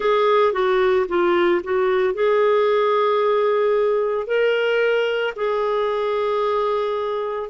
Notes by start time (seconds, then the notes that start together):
0.00 G#4
0.53 F#4
1.08 F4
1.63 F#4
2.14 G#4
4.26 A#4
5.36 G#4